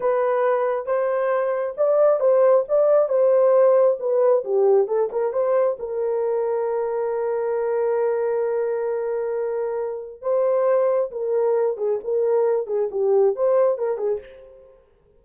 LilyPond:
\new Staff \with { instrumentName = "horn" } { \time 4/4 \tempo 4 = 135 b'2 c''2 | d''4 c''4 d''4 c''4~ | c''4 b'4 g'4 a'8 ais'8 | c''4 ais'2.~ |
ais'1~ | ais'2. c''4~ | c''4 ais'4. gis'8 ais'4~ | ais'8 gis'8 g'4 c''4 ais'8 gis'8 | }